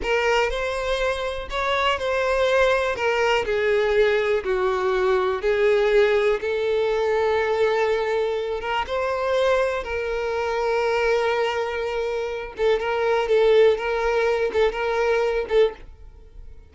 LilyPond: \new Staff \with { instrumentName = "violin" } { \time 4/4 \tempo 4 = 122 ais'4 c''2 cis''4 | c''2 ais'4 gis'4~ | gis'4 fis'2 gis'4~ | gis'4 a'2.~ |
a'4. ais'8 c''2 | ais'1~ | ais'4. a'8 ais'4 a'4 | ais'4. a'8 ais'4. a'8 | }